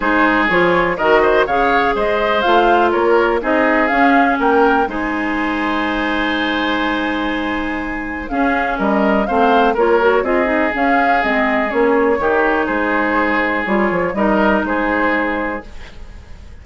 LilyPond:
<<
  \new Staff \with { instrumentName = "flute" } { \time 4/4 \tempo 4 = 123 c''4 cis''4 dis''4 f''4 | dis''4 f''4 cis''4 dis''4 | f''4 g''4 gis''2~ | gis''1~ |
gis''4 f''4 dis''4 f''4 | cis''4 dis''4 f''4 dis''4 | cis''2 c''2 | cis''4 dis''4 c''2 | }
  \new Staff \with { instrumentName = "oboe" } { \time 4/4 gis'2 ais'8 c''8 cis''4 | c''2 ais'4 gis'4~ | gis'4 ais'4 c''2~ | c''1~ |
c''4 gis'4 ais'4 c''4 | ais'4 gis'2.~ | gis'4 g'4 gis'2~ | gis'4 ais'4 gis'2 | }
  \new Staff \with { instrumentName = "clarinet" } { \time 4/4 dis'4 f'4 fis'4 gis'4~ | gis'4 f'2 dis'4 | cis'2 dis'2~ | dis'1~ |
dis'4 cis'2 c'4 | f'8 fis'8 f'8 dis'8 cis'4 c'4 | cis'4 dis'2. | f'4 dis'2. | }
  \new Staff \with { instrumentName = "bassoon" } { \time 4/4 gis4 f4 dis4 cis4 | gis4 a4 ais4 c'4 | cis'4 ais4 gis2~ | gis1~ |
gis4 cis'4 g4 a4 | ais4 c'4 cis'4 gis4 | ais4 dis4 gis2 | g8 f8 g4 gis2 | }
>>